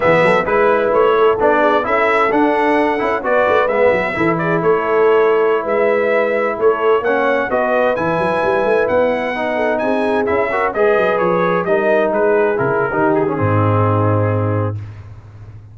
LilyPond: <<
  \new Staff \with { instrumentName = "trumpet" } { \time 4/4 \tempo 4 = 130 e''4 b'4 cis''4 d''4 | e''4 fis''2 d''4 | e''4. d''8 cis''2~ | cis''16 e''2 cis''4 fis''8.~ |
fis''16 dis''4 gis''2 fis''8.~ | fis''4~ fis''16 gis''4 e''4 dis''8.~ | dis''16 cis''4 dis''4 b'4 ais'8.~ | ais'8 gis'2.~ gis'8 | }
  \new Staff \with { instrumentName = "horn" } { \time 4/4 gis'8 a'8 b'4. a'4 gis'8 | a'2. b'4~ | b'4 a'8 gis'8 a'2~ | a'16 b'2 a'4 cis''8.~ |
cis''16 b'2.~ b'8.~ | b'8. a'8 gis'4. ais'8 b'8.~ | b'4~ b'16 ais'4 gis'4.~ gis'16 | g'4 dis'2. | }
  \new Staff \with { instrumentName = "trombone" } { \time 4/4 b4 e'2 d'4 | e'4 d'4. e'8 fis'4 | b4 e'2.~ | e'2.~ e'16 cis'8.~ |
cis'16 fis'4 e'2~ e'8.~ | e'16 dis'2 e'8 fis'8 gis'8.~ | gis'4~ gis'16 dis'2 e'8. | dis'8. cis'16 c'2. | }
  \new Staff \with { instrumentName = "tuba" } { \time 4/4 e8 fis8 gis4 a4 b4 | cis'4 d'4. cis'8 b8 a8 | gis8 fis8 e4 a2~ | a16 gis2 a4 ais8.~ |
ais16 b4 e8 fis8 g8 a8 b8.~ | b4~ b16 c'4 cis'4 gis8 fis16~ | fis16 f4 g4 gis4 cis8. | dis4 gis,2. | }
>>